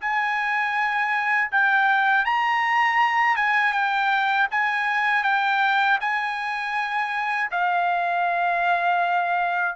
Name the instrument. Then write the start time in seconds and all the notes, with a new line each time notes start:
trumpet
0.00 G#5
1.51 G5
2.25 A#5
3.36 G#5
3.72 G5
4.50 G#5
5.23 G5
6.00 G#5
7.51 F5